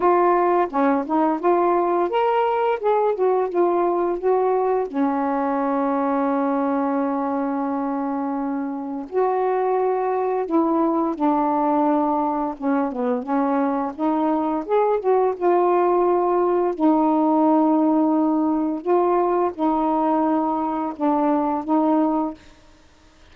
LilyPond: \new Staff \with { instrumentName = "saxophone" } { \time 4/4 \tempo 4 = 86 f'4 cis'8 dis'8 f'4 ais'4 | gis'8 fis'8 f'4 fis'4 cis'4~ | cis'1~ | cis'4 fis'2 e'4 |
d'2 cis'8 b8 cis'4 | dis'4 gis'8 fis'8 f'2 | dis'2. f'4 | dis'2 d'4 dis'4 | }